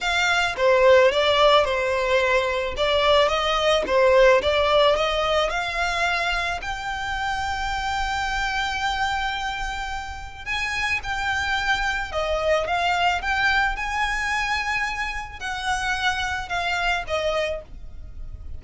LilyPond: \new Staff \with { instrumentName = "violin" } { \time 4/4 \tempo 4 = 109 f''4 c''4 d''4 c''4~ | c''4 d''4 dis''4 c''4 | d''4 dis''4 f''2 | g''1~ |
g''2. gis''4 | g''2 dis''4 f''4 | g''4 gis''2. | fis''2 f''4 dis''4 | }